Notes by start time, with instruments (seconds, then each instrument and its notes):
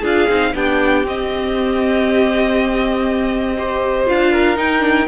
0.00 cello D4, viola F4, violin G#4 F5
0.28 cello C4, viola D#4
0.54 cello B3, viola D4, violin G4 G5
1.04 cello C4, viola C4, violin D#5
3.57 viola G4, violin C5
4.07 cello D4, viola F4, violin F5
4.32 violin A#4
4.56 viola D#4, cello D#4, violin G5
4.80 viola D4